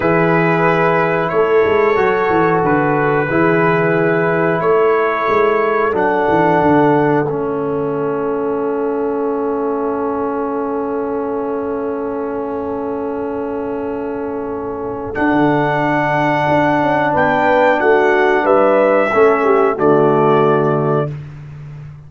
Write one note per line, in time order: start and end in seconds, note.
0.00 1.31 E3
0.00 1.95 E4
0.00 1.31 G#4
0.00 1.29 B4
1.29 1.64 A3
1.29 2.60 C#5
1.35 3.28 A4
1.65 1.97 G#3
1.95 2.29 F#3
1.95 3.27 F#4
2.29 2.62 E3
2.63 3.29 D3
2.63 4.61 B4
3.28 4.60 E3
3.28 5.93 E4
3.28 4.60 G#4
4.60 5.26 A3
4.60 17.12 A4
4.60 5.92 C#5
5.28 5.93 G#3
5.93 6.26 F#3
5.93 7.25 D4
5.93 7.27 F#5
6.28 6.61 E3
6.61 7.25 D3
7.25 15.16 A3
7.25 15.14 C#4
7.25 15.14 E5
15.14 19.10 D4
15.14 15.31 D4
15.14 17.12 F#5
15.31 16.46 D3
16.48 16.81 D4
16.81 17.14 C#4
17.12 17.81 B3
17.12 17.78 B4
17.12 17.80 G5
17.80 18.44 A3
17.80 18.43 F#4
17.80 18.45 F#5
18.43 19.10 G3
18.43 19.09 B4
18.43 19.77 E5
19.13 19.78 A3
19.13 19.75 C#4
19.13 19.43 A4
19.43 19.75 G4
19.75 21.10 D3
19.75 21.07 A3
19.75 21.07 F#4
19.75 21.10 D5